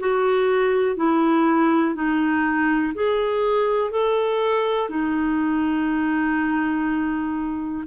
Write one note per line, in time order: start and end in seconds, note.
0.00 0.97 F#4
0.97 1.95 E4
1.95 2.94 D#4
2.95 3.91 G#4
3.91 4.90 A4
4.90 7.85 D#4